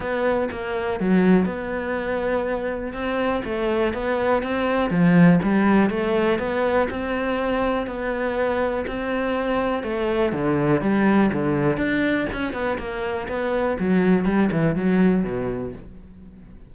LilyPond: \new Staff \with { instrumentName = "cello" } { \time 4/4 \tempo 4 = 122 b4 ais4 fis4 b4~ | b2 c'4 a4 | b4 c'4 f4 g4 | a4 b4 c'2 |
b2 c'2 | a4 d4 g4 d4 | d'4 cis'8 b8 ais4 b4 | fis4 g8 e8 fis4 b,4 | }